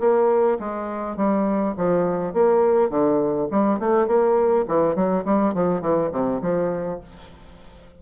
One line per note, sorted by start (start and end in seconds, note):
0.00 0.58 A#3
0.59 1.17 G#3
1.17 1.75 G3
1.77 2.34 F3
2.34 2.90 A#3
2.90 3.48 D3
3.51 3.79 G3
3.79 4.07 A3
4.07 4.65 A#3
4.68 4.96 E3
4.96 5.25 F#3
5.25 5.54 G3
5.54 5.81 F3
5.81 6.11 E3
6.12 6.41 C3
6.42 7.00 F3